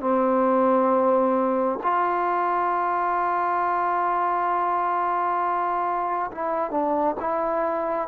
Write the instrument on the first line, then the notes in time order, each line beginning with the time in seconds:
trombone
0.00 C4
1.83 F4
6.32 E4
6.71 D4
7.20 E4